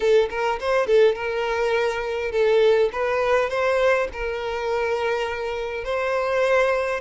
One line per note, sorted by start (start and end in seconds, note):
0.00 0.29 A4
0.30 0.59 A#4
0.60 0.86 C5
0.86 1.15 A4
1.15 2.31 A#4
2.31 2.89 A4
2.92 3.49 B4
3.49 4.08 C5
4.12 5.84 A#4
5.84 7.00 C5